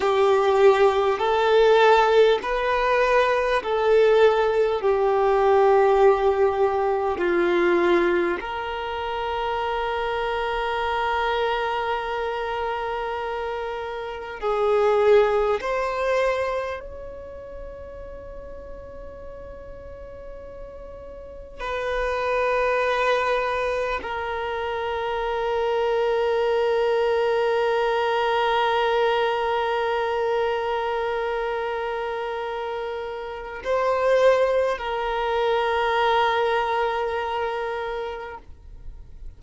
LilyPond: \new Staff \with { instrumentName = "violin" } { \time 4/4 \tempo 4 = 50 g'4 a'4 b'4 a'4 | g'2 f'4 ais'4~ | ais'1 | gis'4 c''4 cis''2~ |
cis''2 b'2 | ais'1~ | ais'1 | c''4 ais'2. | }